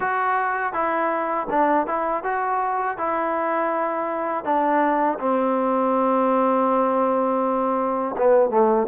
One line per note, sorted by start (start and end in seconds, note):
0.00 0.73 F#4
0.73 1.47 E4
1.49 1.87 D4
1.87 2.23 E4
2.23 2.97 F#4
2.97 4.44 E4
4.44 5.18 D4
5.19 8.15 C4
8.17 8.50 B3
8.50 8.87 A3